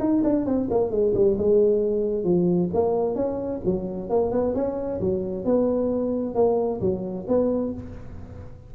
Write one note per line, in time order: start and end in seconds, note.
0.00 0.23 D#4
0.24 0.46 D4
0.46 0.69 C4
0.71 0.91 A#3
0.91 1.14 G#3
1.15 1.38 G3
1.38 2.25 G#3
2.25 2.70 F3
2.74 3.16 A#3
3.16 3.61 C#4
3.65 4.10 F#3
4.10 4.32 A#3
4.32 4.55 B3
4.55 5.01 C#4
5.01 5.45 F#3
5.45 6.35 B3
6.35 6.81 A#3
6.81 7.27 F#3
7.28 7.74 B3